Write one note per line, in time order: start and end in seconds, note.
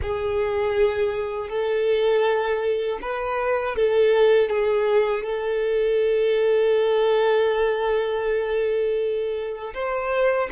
0.01 1.49 G#4
1.49 2.99 A4
3.01 3.76 B4
3.76 4.49 A4
4.49 5.23 G#4
5.23 9.73 A4
9.74 10.49 C5